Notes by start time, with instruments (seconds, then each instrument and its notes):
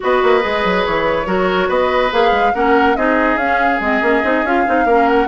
0.00 bassoon B3, clarinet F#4, oboe B4, flute D#5
0.22 bassoon A#3
0.41 bassoon G#3, clarinet G#4
0.64 bassoon F#3
0.85 bassoon E3, flute C#5
1.25 bassoon F#3, clarinet F#4, oboe A#4
1.68 bassoon B3, oboe B4, flute D#5
2.11 bassoon A#3, clarinet G#4, flute F5
2.31 bassoon G#3
2.54 bassoon A#3, clarinet C#4, oboe A#4, flute F#5
2.95 bassoon C4, clarinet D#4, oboe G#4, flute D#5
3.36 bassoon C#4, clarinet C#4, flute F5
3.80 bassoon G#3, clarinet C4, flute D#5
4.01 bassoon A#3, clarinet C#4
4.23 bassoon C4, clarinet D#4
4.43 bassoon C#4, clarinet F4, flute F5
4.66 bassoon C4, clarinet D#4
4.84 bassoon A#3, clarinet C#4, oboe A#4
5.07 flute F#5